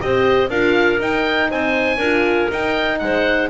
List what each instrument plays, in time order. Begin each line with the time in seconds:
0.00 double bass C4, horn G4, clarinet C5, oboe D#5
0.50 double bass D4, horn F4, clarinet A#4, oboe F5
1.00 horn D#4, double bass D#4, oboe G5
1.51 double bass C4, clarinet C5, oboe G#5
1.98 double bass D4, horn F4, clarinet A#4
2.52 horn D#4, double bass D#4, oboe G5
2.99 double bass G#3, clarinet C5, oboe F#5